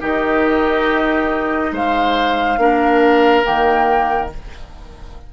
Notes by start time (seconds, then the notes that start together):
0.00 D#3 D#4 G4 D#5
1.71 G#3 C5 F5
2.57 A#3 D4 A#4
3.43 D#3 A#3 G5